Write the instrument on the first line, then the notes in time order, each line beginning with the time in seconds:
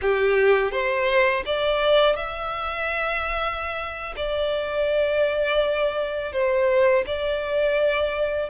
violin
0.01 G4
0.71 C5
1.45 D5
2.16 E5
4.16 D5
6.32 C5
7.06 D5